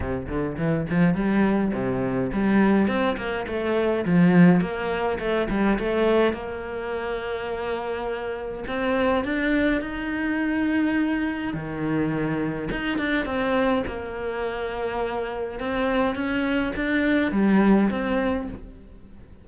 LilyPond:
\new Staff \with { instrumentName = "cello" } { \time 4/4 \tempo 4 = 104 c8 d8 e8 f8 g4 c4 | g4 c'8 ais8 a4 f4 | ais4 a8 g8 a4 ais4~ | ais2. c'4 |
d'4 dis'2. | dis2 dis'8 d'8 c'4 | ais2. c'4 | cis'4 d'4 g4 c'4 | }